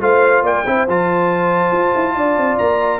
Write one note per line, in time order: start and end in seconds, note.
0.00 0.42 A3
0.00 0.64 F4
0.00 0.43 C5
0.00 0.45 F5
0.42 0.64 A#3
0.42 0.65 D5
0.42 0.88 G5
0.66 0.87 C4
0.66 0.87 E4
0.66 2.15 C5
0.87 1.71 F3
0.87 2.99 F4
0.87 2.58 A5
1.71 1.93 F4
1.95 2.15 E4
2.15 2.36 D4
2.15 2.99 D5
2.36 2.58 C4
2.58 2.99 A#3
2.58 2.99 A#5